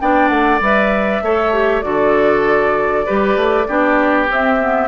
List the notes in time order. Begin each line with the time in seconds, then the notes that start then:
0.00 B3 D4 D5 G5
0.29 A3 F#5
0.61 G3 B4 E5
1.22 A3 A4 C#5
1.53 G4
1.82 D3 F#4 A4 D5
3.06 G3 G4 B4
3.36 A3
3.67 B3 D4 G4
4.28 C4 E5
4.60 B3